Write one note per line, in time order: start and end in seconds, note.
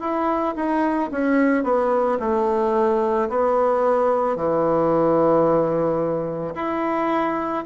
0.00 0.55 E4
0.55 1.10 D#4
1.11 1.63 C#4
1.63 2.18 B3
2.19 3.28 A3
3.29 4.36 B3
4.36 6.54 E3
6.55 7.64 E4